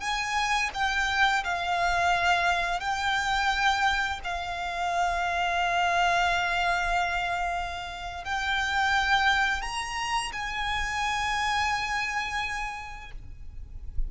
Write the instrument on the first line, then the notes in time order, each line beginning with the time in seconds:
violin
0.00 G#5
0.74 G5
1.44 F5
2.80 G5
4.24 F5
8.24 G5
9.62 A#5
10.32 G#5